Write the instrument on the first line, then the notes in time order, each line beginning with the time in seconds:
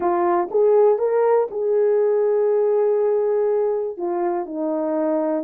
horn
0.00 F4
0.50 G#4
0.98 A#4
1.50 G#4
3.97 F4
4.45 D#4